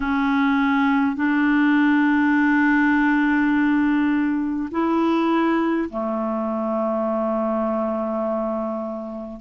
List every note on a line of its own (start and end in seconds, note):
0.00 1.16 C#4
1.16 4.68 D4
4.71 5.88 E4
5.89 9.40 A3